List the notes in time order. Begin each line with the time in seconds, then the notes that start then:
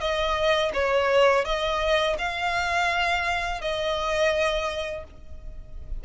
0.00 D#5
0.73 C#5
1.45 D#5
2.18 F5
3.61 D#5